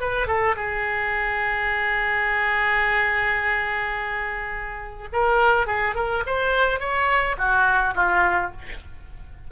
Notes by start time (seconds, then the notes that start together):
0.00 B4
0.27 A4
0.56 G#4
5.12 A#4
5.66 G#4
5.95 A#4
6.26 C5
6.79 C#5
7.37 F#4
7.95 F4